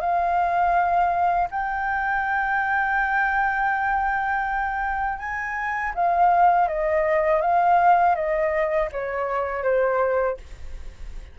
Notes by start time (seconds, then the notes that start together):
0.00 F5
1.51 G5
5.19 G#5
5.94 F5
6.68 D#5
7.41 F5
8.14 D#5
8.92 C#5
9.63 C5